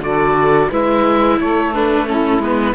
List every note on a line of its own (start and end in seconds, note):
0.00 0.68 D3
0.00 0.70 F#4
0.00 0.70 A4
0.00 0.71 D5
0.70 1.40 G#3
0.70 1.74 E4
0.70 1.39 B4
0.70 1.40 E5
1.40 2.39 A3
1.40 2.08 A4
1.40 1.74 C#5
1.74 2.06 D4
1.74 2.08 B4
2.06 2.40 C#4
2.06 2.75 E4
2.06 2.42 A4
2.39 2.73 G#3
2.39 2.75 B3
2.39 2.75 B4